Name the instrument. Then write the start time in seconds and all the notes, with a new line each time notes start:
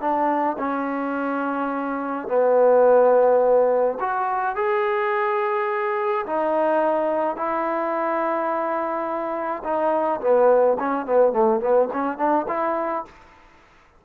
trombone
0.00 D4
0.58 C#4
2.28 B3
4.00 F#4
4.55 G#4
6.26 D#4
7.36 E4
9.64 D#4
10.20 B3
10.79 C#4
11.06 B3
11.32 A3
11.60 B3
11.93 C#4
12.17 D4
12.48 E4